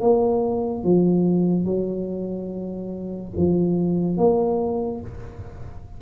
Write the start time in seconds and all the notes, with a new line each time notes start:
0.00 A#3
0.83 F3
1.64 F#3
3.36 F3
4.17 A#3